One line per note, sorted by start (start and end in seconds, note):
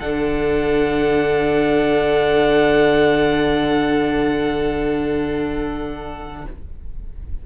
0.00 6.47 D3
0.00 6.47 D4
0.00 6.46 A4
0.00 6.47 F#5